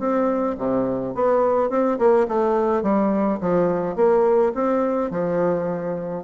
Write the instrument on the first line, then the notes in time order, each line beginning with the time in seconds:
bassoon
0.00 C4
0.58 C3
1.15 B3
1.70 C4
1.99 A#3
2.28 A3
2.83 G3
3.41 F3
3.96 A#3
4.55 C4
5.11 F3